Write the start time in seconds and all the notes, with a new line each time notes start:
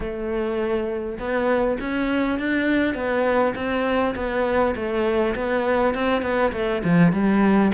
0.00 A3
1.18 B3
1.80 C#4
2.38 D4
2.94 B3
3.55 C4
4.15 B3
4.75 A3
5.35 B3
5.94 C4
6.22 B3
6.52 A3
6.83 F3
7.12 G3